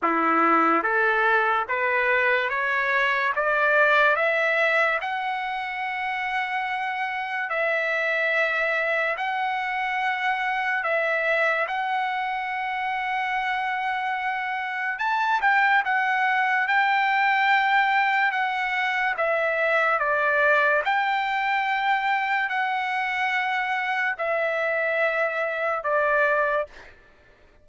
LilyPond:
\new Staff \with { instrumentName = "trumpet" } { \time 4/4 \tempo 4 = 72 e'4 a'4 b'4 cis''4 | d''4 e''4 fis''2~ | fis''4 e''2 fis''4~ | fis''4 e''4 fis''2~ |
fis''2 a''8 g''8 fis''4 | g''2 fis''4 e''4 | d''4 g''2 fis''4~ | fis''4 e''2 d''4 | }